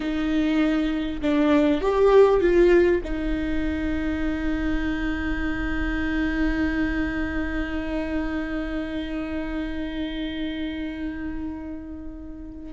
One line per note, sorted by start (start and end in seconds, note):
0.00 1.21 D#4
1.21 1.81 D4
1.81 2.40 G4
2.40 3.01 F4
3.04 12.73 D#4